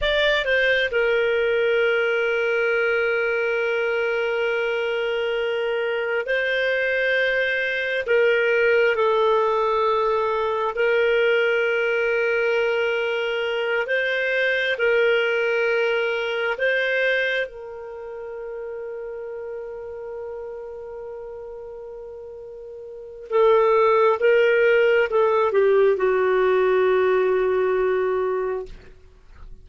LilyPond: \new Staff \with { instrumentName = "clarinet" } { \time 4/4 \tempo 4 = 67 d''8 c''8 ais'2.~ | ais'2. c''4~ | c''4 ais'4 a'2 | ais'2.~ ais'8 c''8~ |
c''8 ais'2 c''4 ais'8~ | ais'1~ | ais'2 a'4 ais'4 | a'8 g'8 fis'2. | }